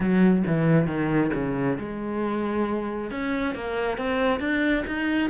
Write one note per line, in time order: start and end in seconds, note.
0.00 0.43 F#3
0.46 0.86 E3
0.86 1.30 D#3
1.33 1.77 C#3
1.78 3.10 G#3
3.10 3.54 C#4
3.54 3.97 A#3
3.97 4.40 C4
4.40 4.84 D4
4.86 5.30 D#4